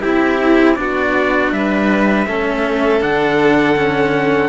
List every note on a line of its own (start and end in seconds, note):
0.00 0.78 C4
0.00 0.75 E4
0.00 0.79 E4
0.00 0.75 G4
0.75 1.51 B3
0.75 2.26 D4
0.75 1.54 F#4
0.75 1.50 D5
1.51 2.26 G3
1.51 2.27 B4
1.51 3.02 E5
2.27 3.02 A3
2.27 3.00 C#4
2.27 4.49 A4
3.00 4.49 D3
3.00 3.75 D4
3.00 4.49 F#5
3.76 4.49 C#4